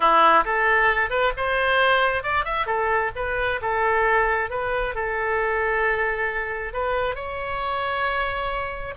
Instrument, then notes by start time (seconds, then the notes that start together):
oboe
0.00 E4
0.44 A4
1.10 B4
1.37 C5
2.23 D5
2.44 E5
2.66 A4
3.15 B4
3.61 A4
4.49 B4
4.94 A4
6.73 B4
7.15 C#5